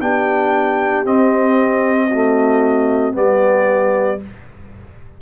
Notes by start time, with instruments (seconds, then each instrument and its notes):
0.00 tuba B3, trombone D4, horn G4, trumpet G5
1.05 trombone C4, tuba C4, trumpet D#5
2.08 trombone A3, horn F#4
3.12 tuba G3, trombone B3, horn G4, trumpet D5